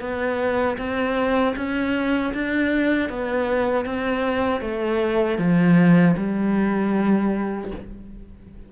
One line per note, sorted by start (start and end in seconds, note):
0.00 0.77 B3
0.77 1.54 C4
1.56 2.33 C#4
2.34 3.09 D4
3.09 3.85 B3
3.85 4.61 C4
4.61 5.38 A3
5.38 6.15 F3
6.17 7.71 G3